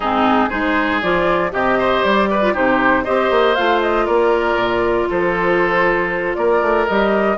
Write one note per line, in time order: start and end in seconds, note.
0.00 0.50 G#2
0.00 0.49 C4
0.00 0.49 D#4
0.00 0.50 G#4
0.49 1.02 G#3
0.49 1.00 D#4
0.49 1.50 G#4
0.49 1.01 C5
1.01 1.52 F3
1.01 1.51 F4
1.01 1.52 D5
1.51 2.03 C3
1.51 2.40 G4
1.51 1.78 G4
1.51 2.03 D#5
1.78 2.29 C5
2.03 2.55 G3
2.03 2.54 D5
2.30 2.53 B4
2.41 2.54 F4
2.53 3.07 C3
2.53 3.05 D#4
2.53 3.03 G4
2.53 3.04 C5
3.04 3.30 C4
3.04 3.56 G4
3.04 4.06 C5
3.04 3.54 D#5
3.30 3.56 A#3
3.54 4.07 A3
3.54 6.87 F4
3.54 3.80 F5
3.81 4.06 D#5
4.06 4.55 A#3
4.06 5.07 A#4
4.06 5.07 D5
4.55 5.06 A#2
5.09 6.36 F3
5.09 6.36 A4
5.09 6.35 C5
6.35 6.61 A#3
6.35 7.37 A#4
6.35 6.85 D5
6.61 6.87 A3
6.87 7.37 G3
6.87 7.37 G4
6.87 7.37 D#5